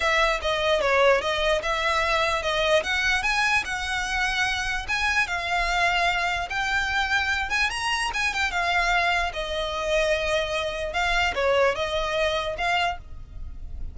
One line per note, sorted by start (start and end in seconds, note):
0.00 0.40 E5
0.41 0.80 D#5
0.80 1.21 C#5
1.21 1.61 D#5
1.62 2.42 E5
2.42 2.82 D#5
2.83 3.22 F#5
3.22 3.63 G#5
3.64 4.86 F#5
4.88 5.27 G#5
5.27 6.48 F5
6.49 7.49 G5
7.49 7.70 G#5
7.70 8.10 A#5
8.13 8.33 G#5
8.33 8.51 G5
8.51 9.32 F5
9.33 10.93 D#5
10.93 11.33 F5
11.34 11.75 C#5
11.75 12.56 D#5
12.57 12.98 F5